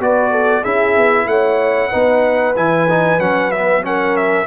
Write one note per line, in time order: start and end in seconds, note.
0.00 0.64 B3
0.00 0.64 F#4
0.00 0.32 B4
0.00 0.64 D5
0.32 0.62 A4
0.62 0.97 C#4
0.62 1.91 E4
0.62 1.26 G#4
0.62 1.28 E5
0.97 1.26 B3
1.26 1.90 A3
1.26 1.90 C#5
1.26 2.55 F#5
1.90 2.57 B3
1.90 2.55 D#4
1.90 3.82 B4
2.56 3.19 E3
2.56 2.88 E4
2.56 3.20 G#5
2.90 3.20 D#4
3.19 4.46 F#3
3.19 3.52 C#4
3.19 3.51 F#5
3.51 3.82 B3
3.51 3.83 E5
3.82 4.46 C#4
3.82 4.47 A#4
3.82 4.17 F#5
4.17 4.47 E5